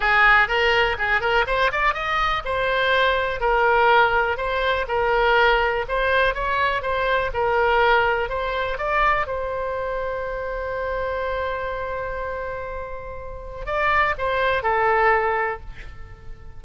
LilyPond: \new Staff \with { instrumentName = "oboe" } { \time 4/4 \tempo 4 = 123 gis'4 ais'4 gis'8 ais'8 c''8 d''8 | dis''4 c''2 ais'4~ | ais'4 c''4 ais'2 | c''4 cis''4 c''4 ais'4~ |
ais'4 c''4 d''4 c''4~ | c''1~ | c''1 | d''4 c''4 a'2 | }